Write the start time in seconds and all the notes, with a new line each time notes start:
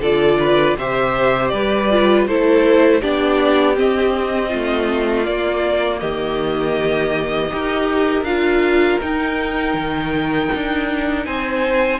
0.00 D3 F4 A4 D5
0.40 B4
0.78 C3 G4 C5 E5
1.48 G3 B4 D5
1.91 F4
2.27 A3 E4 A4 C5
3.01 B3 D4 G4 D5
3.74 C4 D#5
4.49 A3 F4
5.25 A#3 D5
6.00 D#3 G4 D#5
7.50 D#4 G4 A#4
8.22 D4 F4 F5
9.02 D#4 G5
9.74 D#3
10.56 D4
11.25 C4 C5 G#5